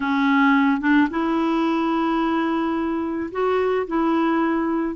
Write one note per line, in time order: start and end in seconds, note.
0.00 0.80 C#4
0.80 1.08 D4
1.10 3.30 E4
3.31 3.86 F#4
3.87 4.95 E4